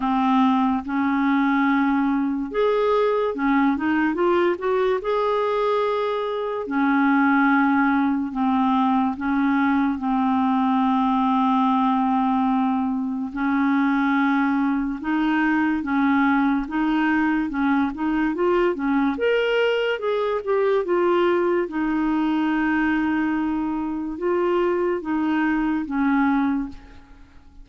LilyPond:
\new Staff \with { instrumentName = "clarinet" } { \time 4/4 \tempo 4 = 72 c'4 cis'2 gis'4 | cis'8 dis'8 f'8 fis'8 gis'2 | cis'2 c'4 cis'4 | c'1 |
cis'2 dis'4 cis'4 | dis'4 cis'8 dis'8 f'8 cis'8 ais'4 | gis'8 g'8 f'4 dis'2~ | dis'4 f'4 dis'4 cis'4 | }